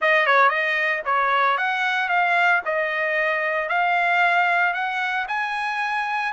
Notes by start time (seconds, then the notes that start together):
0.01 D#5
0.26 C#5
0.49 D#5
1.05 C#5
1.57 F#5
2.08 F5
2.65 D#5
3.68 F5
4.73 F#5
5.28 G#5